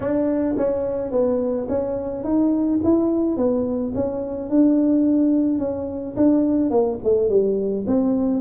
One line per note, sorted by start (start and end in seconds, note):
0.00 0.55 D4
0.57 1.11 C#4
1.11 1.67 B3
1.68 2.24 C#4
2.24 2.80 D#4
2.83 3.36 E4
3.36 3.93 B3
3.94 4.49 C#4
4.49 5.58 D4
5.58 6.15 C#4
6.16 6.70 D4
6.70 6.98 A#3
7.03 7.29 A3
7.29 7.85 G3
7.87 8.40 C4